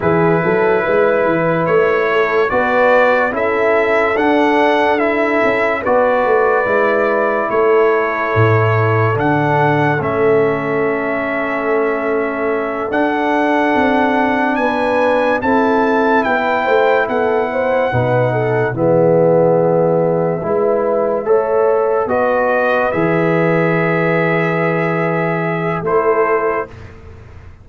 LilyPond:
<<
  \new Staff \with { instrumentName = "trumpet" } { \time 4/4 \tempo 4 = 72 b'2 cis''4 d''4 | e''4 fis''4 e''4 d''4~ | d''4 cis''2 fis''4 | e''2.~ e''8 fis''8~ |
fis''4. gis''4 a''4 g''8~ | g''8 fis''2 e''4.~ | e''2~ e''8 dis''4 e''8~ | e''2. c''4 | }
  \new Staff \with { instrumentName = "horn" } { \time 4/4 gis'8 a'8 b'4. a'8 b'4 | a'2. b'4~ | b'4 a'2.~ | a'1~ |
a'4. b'4 a'4 b'8 | c''8 a'8 c''8 b'8 a'8 gis'4.~ | gis'8 b'4 cis''4 b'4.~ | b'2. a'4 | }
  \new Staff \with { instrumentName = "trombone" } { \time 4/4 e'2. fis'4 | e'4 d'4 e'4 fis'4 | e'2. d'4 | cis'2.~ cis'8 d'8~ |
d'2~ d'8 e'4.~ | e'4. dis'4 b4.~ | b8 e'4 a'4 fis'4 gis'8~ | gis'2. e'4 | }
  \new Staff \with { instrumentName = "tuba" } { \time 4/4 e8 fis8 gis8 e8 a4 b4 | cis'4 d'4. cis'8 b8 a8 | gis4 a4 a,4 d4 | a2.~ a8 d'8~ |
d'8 c'4 b4 c'4 b8 | a8 b4 b,4 e4.~ | e8 gis4 a4 b4 e8~ | e2. a4 | }
>>